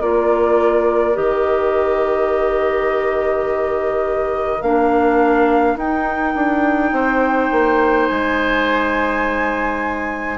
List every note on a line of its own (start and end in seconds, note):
0.00 1.17 A#3
0.00 1.14 F4
0.00 6.92 A#4
0.00 1.16 D5
1.14 4.62 D#3
1.14 4.60 G4
1.14 4.62 D#5
4.62 5.76 A#3
4.62 5.79 D4
4.62 5.77 F5
5.76 6.34 D#4
5.76 10.38 D#4
5.76 8.07 G5
6.35 6.92 D4
6.92 7.50 C4
6.92 10.38 C5
7.51 8.09 A#3
8.07 10.38 G#3
8.07 10.38 G#5